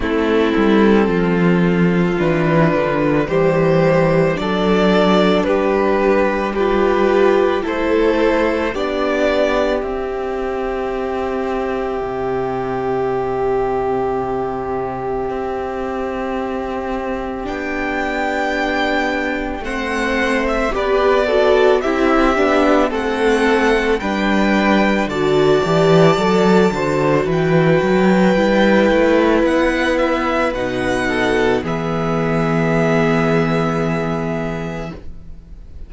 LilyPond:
<<
  \new Staff \with { instrumentName = "violin" } { \time 4/4 \tempo 4 = 55 a'2 b'4 c''4 | d''4 b'4 g'4 c''4 | d''4 e''2.~ | e''1 |
g''2 fis''8. e''16 d''4 | e''4 fis''4 g''4 a''4~ | a''4 g''2 fis''8 e''8 | fis''4 e''2. | }
  \new Staff \with { instrumentName = "violin" } { \time 4/4 e'4 f'2 g'4 | a'4 g'4 b'4 a'4 | g'1~ | g'1~ |
g'2 c''4 b'8 a'8 | g'4 a'4 b'4 d''4~ | d''8 c''8 b'2.~ | b'8 a'8 gis'2. | }
  \new Staff \with { instrumentName = "viola" } { \time 4/4 c'2 d'4 g4 | d'2 f'4 e'4 | d'4 c'2.~ | c'1 |
d'2 c'4 g'8 fis'8 | e'8 d'8 c'4 d'4 fis'8 g'8 | a'8 fis'4. e'2 | dis'4 b2. | }
  \new Staff \with { instrumentName = "cello" } { \time 4/4 a8 g8 f4 e8 d8 e4 | fis4 g2 a4 | b4 c'2 c4~ | c2 c'2 |
b2 a4 b4 | c'8 b8 a4 g4 d8 e8 | fis8 d8 e8 fis8 g8 a8 b4 | b,4 e2. | }
>>